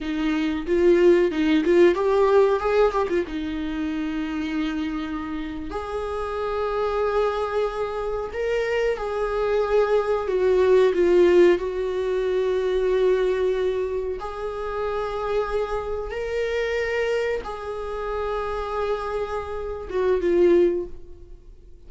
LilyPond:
\new Staff \with { instrumentName = "viola" } { \time 4/4 \tempo 4 = 92 dis'4 f'4 dis'8 f'8 g'4 | gis'8 g'16 f'16 dis'2.~ | dis'8. gis'2.~ gis'16~ | gis'8. ais'4 gis'2 fis'16~ |
fis'8. f'4 fis'2~ fis'16~ | fis'4.~ fis'16 gis'2~ gis'16~ | gis'8. ais'2 gis'4~ gis'16~ | gis'2~ gis'8 fis'8 f'4 | }